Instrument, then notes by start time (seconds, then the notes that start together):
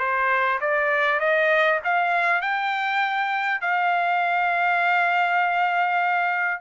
trumpet
0.00 C5
0.61 D5
1.20 D#5
1.85 F5
2.42 G5
3.61 F5